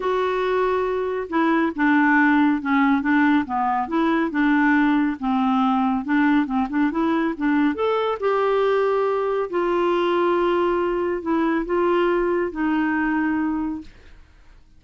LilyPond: \new Staff \with { instrumentName = "clarinet" } { \time 4/4 \tempo 4 = 139 fis'2. e'4 | d'2 cis'4 d'4 | b4 e'4 d'2 | c'2 d'4 c'8 d'8 |
e'4 d'4 a'4 g'4~ | g'2 f'2~ | f'2 e'4 f'4~ | f'4 dis'2. | }